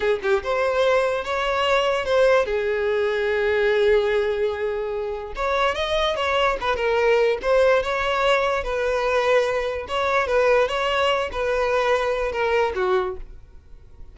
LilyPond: \new Staff \with { instrumentName = "violin" } { \time 4/4 \tempo 4 = 146 gis'8 g'8 c''2 cis''4~ | cis''4 c''4 gis'2~ | gis'1~ | gis'4 cis''4 dis''4 cis''4 |
b'8 ais'4. c''4 cis''4~ | cis''4 b'2. | cis''4 b'4 cis''4. b'8~ | b'2 ais'4 fis'4 | }